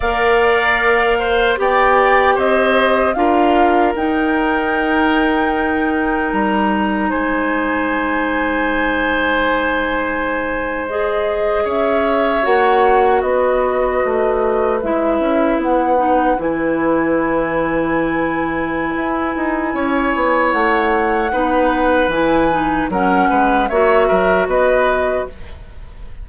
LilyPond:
<<
  \new Staff \with { instrumentName = "flute" } { \time 4/4 \tempo 4 = 76 f''2 g''4 dis''4 | f''4 g''2. | ais''4 gis''2.~ | gis''4.~ gis''16 dis''4 e''4 fis''16~ |
fis''8. dis''2 e''4 fis''16~ | fis''8. gis''2.~ gis''16~ | gis''2 fis''2 | gis''4 fis''4 e''4 dis''4 | }
  \new Staff \with { instrumentName = "oboe" } { \time 4/4 d''4. c''8 d''4 c''4 | ais'1~ | ais'4 c''2.~ | c''2~ c''8. cis''4~ cis''16~ |
cis''8. b'2.~ b'16~ | b'1~ | b'4 cis''2 b'4~ | b'4 ais'8 b'8 cis''8 ais'8 b'4 | }
  \new Staff \with { instrumentName = "clarinet" } { \time 4/4 ais'2 g'2 | f'4 dis'2.~ | dis'1~ | dis'4.~ dis'16 gis'2 fis'16~ |
fis'2~ fis'8. e'4~ e'16~ | e'16 dis'8 e'2.~ e'16~ | e'2. dis'4 | e'8 dis'8 cis'4 fis'2 | }
  \new Staff \with { instrumentName = "bassoon" } { \time 4/4 ais2 b4 c'4 | d'4 dis'2. | g4 gis2.~ | gis2~ gis8. cis'4 ais16~ |
ais8. b4 a4 gis8 cis'8 b16~ | b8. e2.~ e16 | e'8 dis'8 cis'8 b8 a4 b4 | e4 fis8 gis8 ais8 fis8 b4 | }
>>